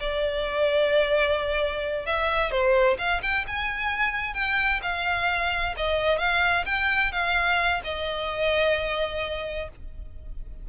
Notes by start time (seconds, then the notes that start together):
0.00 D5
2.06 E5
2.51 C5
2.98 F5
3.22 G5
3.47 G#5
4.34 G5
4.82 F5
5.77 D#5
6.19 F5
6.66 G5
7.12 F5
7.84 D#5